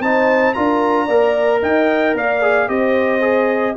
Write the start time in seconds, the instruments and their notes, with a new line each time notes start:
0.00 tuba C4, trombone D#4, horn C5, trumpet A5
0.54 tuba D4, trombone F4, horn A#4, trumpet A#5
1.06 tuba A#3, trombone A#4, horn D5
1.62 tuba D#4, horn D#5, trumpet G5
2.15 tuba A#3, horn D5, trumpet F5
2.42 trombone G#4
2.68 tuba C4, trombone G4, horn C5, trumpet D#5
3.21 trombone G#4